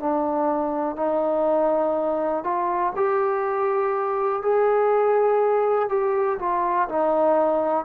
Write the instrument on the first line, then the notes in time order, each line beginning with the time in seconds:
trombone
0.00 D4
0.96 D#4
2.44 F4
2.96 G4
4.42 G#4
5.89 G4
6.39 F4
6.89 D#4